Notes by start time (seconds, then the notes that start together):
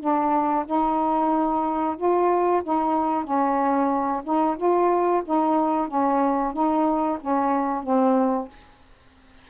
0.00 D4
0.66 D#4
1.97 F4
2.64 D#4
3.24 C#4
4.24 D#4
4.57 F4
5.25 D#4
5.88 C#4
6.53 D#4
7.21 C#4
7.83 C4